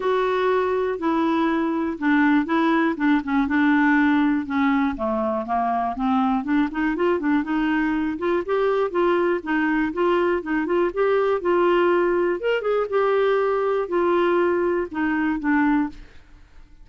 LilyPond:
\new Staff \with { instrumentName = "clarinet" } { \time 4/4 \tempo 4 = 121 fis'2 e'2 | d'4 e'4 d'8 cis'8 d'4~ | d'4 cis'4 a4 ais4 | c'4 d'8 dis'8 f'8 d'8 dis'4~ |
dis'8 f'8 g'4 f'4 dis'4 | f'4 dis'8 f'8 g'4 f'4~ | f'4 ais'8 gis'8 g'2 | f'2 dis'4 d'4 | }